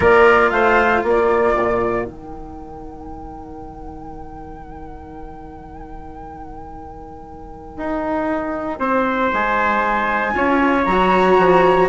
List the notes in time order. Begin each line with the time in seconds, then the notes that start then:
0.00 A#3 F4 A#4 D5
0.50 A3 C5 F5
1.03 A#3 A#4 D5
1.56 A#2
2.04 D#3 D#4 G5
7.77 D#4
8.79 C4 C5
9.33 G#3 G#5
10.34 C#4 F4 C#5
10.84 F#3 A#5
10.91 F#4
11.38 F3